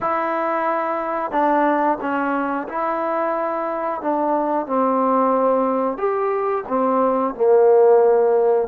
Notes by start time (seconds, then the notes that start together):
0.00 E4
1.31 D4
2.00 C#4
2.68 E4
4.01 D4
4.66 C4
5.97 G4
6.68 C4
7.34 A#3